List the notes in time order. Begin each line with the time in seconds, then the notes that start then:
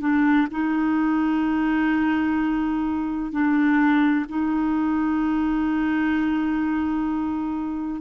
0.00 D4
0.51 D#4
3.32 D4
4.28 D#4